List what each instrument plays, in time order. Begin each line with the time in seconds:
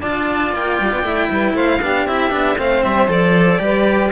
0.00 cello D4 F4, saxophone D5, violin A5
0.53 cello A#3, violin G5
0.80 cello G3
0.92 cello B3
1.03 cello A3 E4
1.31 cello G3, saxophone B4
1.54 cello A3, saxophone C5, violin F5
1.81 cello B3 D4, saxophone G4
2.06 cello C4 E4, violin E5
2.30 cello B3 D4
2.58 cello A3 C4, saxophone C5, violin F5
2.84 cello G3, violin E5
3.08 cello F3 A4, violin D5
3.59 cello G3 G4, saxophone B4